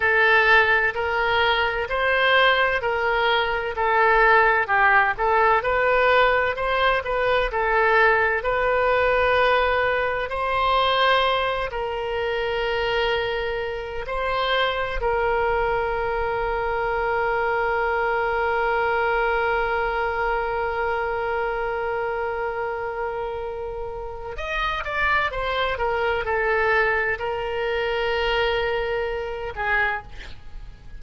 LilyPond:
\new Staff \with { instrumentName = "oboe" } { \time 4/4 \tempo 4 = 64 a'4 ais'4 c''4 ais'4 | a'4 g'8 a'8 b'4 c''8 b'8 | a'4 b'2 c''4~ | c''8 ais'2~ ais'8 c''4 |
ais'1~ | ais'1~ | ais'2 dis''8 d''8 c''8 ais'8 | a'4 ais'2~ ais'8 gis'8 | }